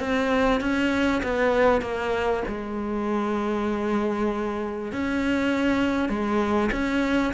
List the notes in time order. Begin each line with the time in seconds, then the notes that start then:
0.00 C4
0.61 C#4
1.23 B3
1.82 A#3
2.48 G#3
4.93 C#4
6.09 G#3
6.72 C#4